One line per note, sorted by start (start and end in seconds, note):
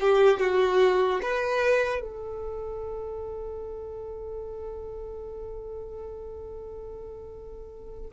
0.00 0.39 G4
0.39 1.21 F#4
1.22 2.00 B4
2.00 8.09 A4